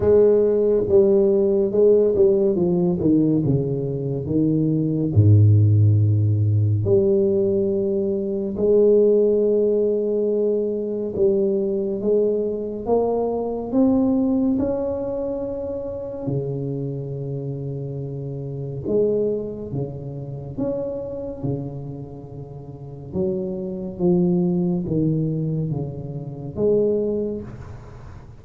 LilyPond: \new Staff \with { instrumentName = "tuba" } { \time 4/4 \tempo 4 = 70 gis4 g4 gis8 g8 f8 dis8 | cis4 dis4 gis,2 | g2 gis2~ | gis4 g4 gis4 ais4 |
c'4 cis'2 cis4~ | cis2 gis4 cis4 | cis'4 cis2 fis4 | f4 dis4 cis4 gis4 | }